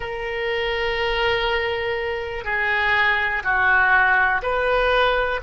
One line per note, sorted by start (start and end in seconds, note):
0.00 2.44 A#4
2.44 3.42 G#4
3.43 4.41 F#4
4.42 5.40 B4